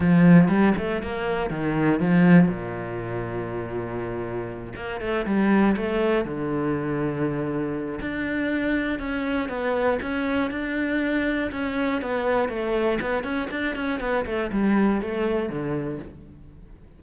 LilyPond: \new Staff \with { instrumentName = "cello" } { \time 4/4 \tempo 4 = 120 f4 g8 a8 ais4 dis4 | f4 ais,2.~ | ais,4. ais8 a8 g4 a8~ | a8 d2.~ d8 |
d'2 cis'4 b4 | cis'4 d'2 cis'4 | b4 a4 b8 cis'8 d'8 cis'8 | b8 a8 g4 a4 d4 | }